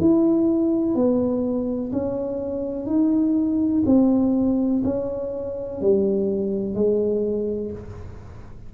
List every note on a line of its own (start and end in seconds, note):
0.00 0.95 E4
0.95 1.91 B3
1.92 2.86 C#4
2.86 3.83 D#4
3.85 4.82 C4
4.84 5.81 C#4
5.81 6.75 G3
6.75 7.72 G#3